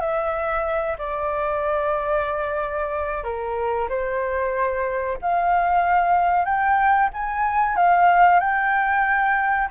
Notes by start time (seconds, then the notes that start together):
0.00 E5
0.98 D5
3.24 A#4
3.89 C5
5.21 F5
6.45 G5
7.13 G#5
7.76 F5
8.40 G5